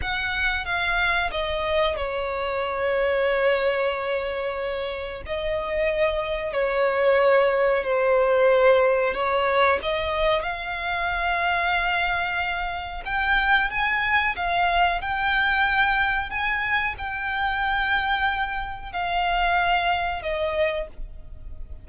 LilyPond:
\new Staff \with { instrumentName = "violin" } { \time 4/4 \tempo 4 = 92 fis''4 f''4 dis''4 cis''4~ | cis''1 | dis''2 cis''2 | c''2 cis''4 dis''4 |
f''1 | g''4 gis''4 f''4 g''4~ | g''4 gis''4 g''2~ | g''4 f''2 dis''4 | }